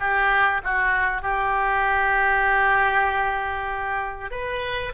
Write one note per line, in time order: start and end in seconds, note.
0.00 0.62 G4
0.64 1.22 F#4
1.22 4.31 G4
4.31 4.93 B4